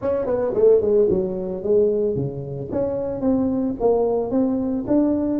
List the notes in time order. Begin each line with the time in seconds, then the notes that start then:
0.01 C#4
0.26 B3
0.54 A3
0.81 G#3
1.09 F#3
1.63 G#3
2.15 C#3
2.71 C#4
3.20 C4
3.80 A#3
4.30 C4
4.87 D4